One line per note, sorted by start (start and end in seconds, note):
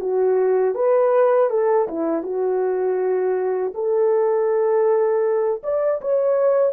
0.00 0.75 F#4
0.75 1.50 B4
1.50 1.88 A4
1.88 2.23 E4
2.23 3.73 F#4
3.74 5.62 A4
5.63 6.01 D5
6.01 6.73 C#5